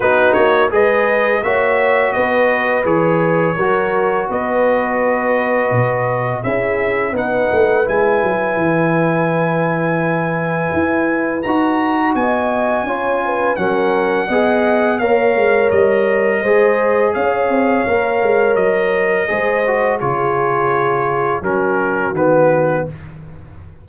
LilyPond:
<<
  \new Staff \with { instrumentName = "trumpet" } { \time 4/4 \tempo 4 = 84 b'8 cis''8 dis''4 e''4 dis''4 | cis''2 dis''2~ | dis''4 e''4 fis''4 gis''4~ | gis''1 |
ais''4 gis''2 fis''4~ | fis''4 f''4 dis''2 | f''2 dis''2 | cis''2 ais'4 b'4 | }
  \new Staff \with { instrumentName = "horn" } { \time 4/4 fis'4 b'4 cis''4 b'4~ | b'4 ais'4 b'2~ | b'4 gis'4 b'2~ | b'1~ |
b'4 dis''4 cis''8 b'8 ais'4 | dis''4 cis''2 c''4 | cis''2. c''4 | gis'2 fis'2 | }
  \new Staff \with { instrumentName = "trombone" } { \time 4/4 dis'4 gis'4 fis'2 | gis'4 fis'2.~ | fis'4 e'4 dis'4 e'4~ | e'1 |
fis'2 f'4 cis'4 | gis'4 ais'2 gis'4~ | gis'4 ais'2 gis'8 fis'8 | f'2 cis'4 b4 | }
  \new Staff \with { instrumentName = "tuba" } { \time 4/4 b8 ais8 gis4 ais4 b4 | e4 fis4 b2 | b,4 cis'4 b8 a8 gis8 fis8 | e2. e'4 |
dis'4 b4 cis'4 fis4 | b4 ais8 gis8 g4 gis4 | cis'8 c'8 ais8 gis8 fis4 gis4 | cis2 fis4 dis4 | }
>>